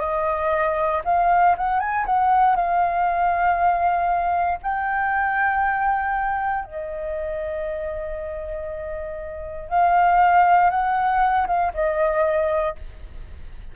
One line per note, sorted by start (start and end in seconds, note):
0.00 1.02 D#5
1.05 1.56 F5
1.58 1.80 F#5
1.80 2.06 G#5
2.06 2.56 F#5
2.56 4.59 F5
4.63 6.65 G5
6.65 9.70 D#5
9.70 10.71 F5
10.71 11.47 F#5
11.47 11.73 F5
11.74 12.76 D#5